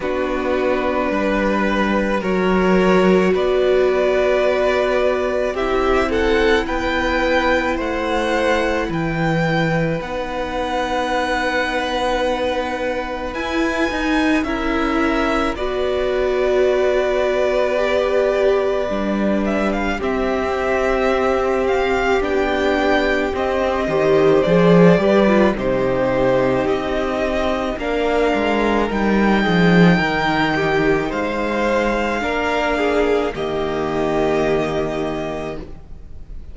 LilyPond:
<<
  \new Staff \with { instrumentName = "violin" } { \time 4/4 \tempo 4 = 54 b'2 cis''4 d''4~ | d''4 e''8 fis''8 g''4 fis''4 | g''4 fis''2. | gis''4 e''4 d''2~ |
d''4. e''16 f''16 e''4. f''8 | g''4 dis''4 d''4 c''4 | dis''4 f''4 g''2 | f''2 dis''2 | }
  \new Staff \with { instrumentName = "violin" } { \time 4/4 fis'4 b'4 ais'4 b'4~ | b'4 g'8 a'8 b'4 c''4 | b'1~ | b'4 ais'4 b'2~ |
b'2 g'2~ | g'4. c''4 b'8 g'4~ | g'4 ais'4. gis'8 ais'8 g'8 | c''4 ais'8 gis'8 g'2 | }
  \new Staff \with { instrumentName = "viola" } { \time 4/4 d'2 fis'2~ | fis'4 e'2.~ | e'4 dis'2. | e'8 dis'8 e'4 fis'2 |
g'4 d'4 c'2 | d'4 c'8 g'8 gis'8 g'16 f'16 dis'4~ | dis'4 d'4 dis'2~ | dis'4 d'4 ais2 | }
  \new Staff \with { instrumentName = "cello" } { \time 4/4 b4 g4 fis4 b4~ | b4 c'4 b4 a4 | e4 b2. | e'8 dis'8 cis'4 b2~ |
b4 g4 c'2 | b4 c'8 dis8 f8 g8 c4 | c'4 ais8 gis8 g8 f8 dis4 | gis4 ais4 dis2 | }
>>